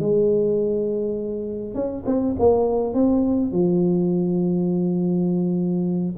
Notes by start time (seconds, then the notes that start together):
0.00 G#3
1.75 C#4
2.06 C4
2.40 A#3
2.94 C4
3.52 F3